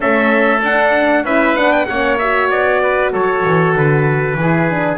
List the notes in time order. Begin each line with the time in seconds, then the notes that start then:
0.00 A3 C#4 A4 E5
0.61 D4 F#5
1.23 C#4 E4 B4 E5
1.55 B3 D4 F#5
1.71 G5
1.85 A#3 C#4 C#5 F#5
2.18 F#4 E5
2.50 B3 D5
2.82 B4
3.12 F#3 A4 C#5
3.44 E3
3.75 D3 B4
4.34 E3 E4 G#4
4.70 D4